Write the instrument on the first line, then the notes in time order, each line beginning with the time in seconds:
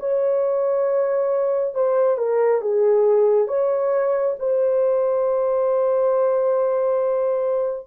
horn
0.00 C#5
1.75 C5
2.18 A#4
2.62 G#4
3.48 C#5
4.40 C5